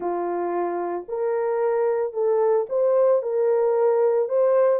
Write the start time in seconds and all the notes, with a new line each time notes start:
0.00 F4
1.08 A#4
2.13 A4
2.69 C5
3.22 A#4
4.29 C5